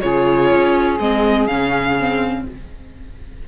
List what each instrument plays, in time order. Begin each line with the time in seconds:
0.00 cello C#3, viola F4, saxophone G#4, violin C#5
0.52 cello C#4
0.99 cello G#3, viola C4, violin D#5
1.47 cello C#3, viola C#4, violin F5
1.99 viola C4